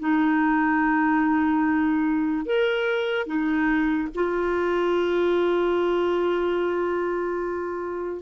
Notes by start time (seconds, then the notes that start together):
0.00 D#4
2.46 A#4
3.27 D#4
4.15 F4